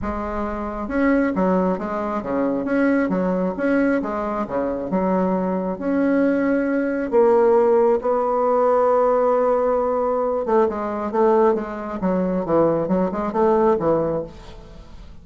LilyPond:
\new Staff \with { instrumentName = "bassoon" } { \time 4/4 \tempo 4 = 135 gis2 cis'4 fis4 | gis4 cis4 cis'4 fis4 | cis'4 gis4 cis4 fis4~ | fis4 cis'2. |
ais2 b2~ | b2.~ b8 a8 | gis4 a4 gis4 fis4 | e4 fis8 gis8 a4 e4 | }